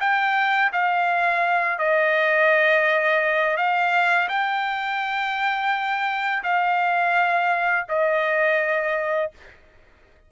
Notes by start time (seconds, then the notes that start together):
0.00 G5
0.72 F5
1.78 D#5
3.57 F5
4.29 G5
6.43 F5
7.88 D#5